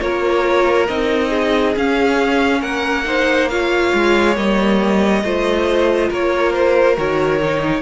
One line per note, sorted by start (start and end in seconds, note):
0.00 0.88 A#3
0.00 0.87 F4
0.00 1.29 A#4
0.00 0.87 C#5
0.87 1.75 C4
0.87 1.76 D#4
0.87 1.74 D#5
1.29 2.59 G#4
1.76 3.04 C#4
1.76 2.61 C#4
1.76 2.61 F5
2.60 3.92 A#3
2.60 3.04 A#4
2.60 3.48 F#5
3.04 3.48 D#4
3.04 3.50 C5
3.49 4.35 F4
3.49 5.24 C#5
3.49 4.36 F5
3.93 4.36 G#3
4.35 5.23 G3
4.35 5.22 A#3
4.35 6.10 D#5
5.23 6.10 A3
5.23 6.96 F4
5.23 6.09 C5
6.09 6.97 A#3
6.09 7.81 A#4
6.09 6.53 C#5
6.53 6.96 C5
6.96 7.81 D#3
6.96 7.39 F#4
6.96 7.81 C#5
7.40 7.81 D#4